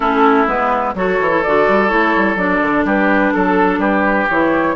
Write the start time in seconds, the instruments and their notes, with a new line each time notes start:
0.00 bassoon A3, clarinet C#4, oboe E4, flute A4
0.47 bassoon G#3, clarinet B3, flute B4
0.94 bassoon F#3, clarinet F#4, oboe A4, flute C#5
1.20 bassoon E3
1.28 clarinet E4
1.43 bassoon D3, clarinet F#4, flute D5
1.68 bassoon G3
1.88 bassoon A3, clarinet E4, flute C#5
2.16 bassoon G3
2.35 bassoon F#3, clarinet D4, flute D5
2.61 bassoon D3
2.84 bassoon G3, oboe G4, flute B4
3.33 bassoon F#3, flute A4, oboe A4
3.78 bassoon G3, oboe G4, flute B4
4.29 bassoon E3, clarinet E4, flute C#5